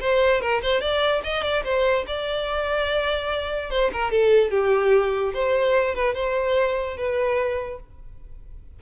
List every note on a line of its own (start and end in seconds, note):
0.00 0.41 C5
0.41 0.61 A#4
0.62 0.81 C5
0.81 1.22 D5
1.23 1.43 D#5
1.43 1.63 D5
1.64 2.05 C5
2.06 3.70 D5
3.70 3.91 C5
3.92 4.10 A#4
4.10 4.50 A4
4.50 5.33 G4
5.33 5.95 C5
5.95 6.14 B4
6.14 6.97 C5
6.97 7.79 B4